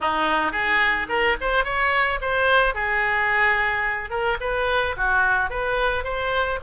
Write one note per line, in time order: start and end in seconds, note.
0.00 0.52 D#4
0.52 1.07 G#4
1.08 1.36 A#4
1.40 1.64 C5
1.64 2.19 C#5
2.21 2.74 C5
2.74 4.09 G#4
4.09 4.37 A#4
4.40 4.95 B4
4.96 5.50 F#4
5.50 6.04 B4
6.04 6.59 C5